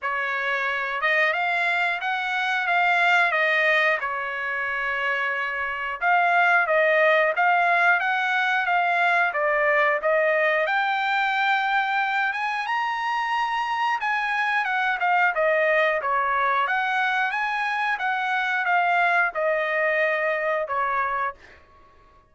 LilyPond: \new Staff \with { instrumentName = "trumpet" } { \time 4/4 \tempo 4 = 90 cis''4. dis''8 f''4 fis''4 | f''4 dis''4 cis''2~ | cis''4 f''4 dis''4 f''4 | fis''4 f''4 d''4 dis''4 |
g''2~ g''8 gis''8 ais''4~ | ais''4 gis''4 fis''8 f''8 dis''4 | cis''4 fis''4 gis''4 fis''4 | f''4 dis''2 cis''4 | }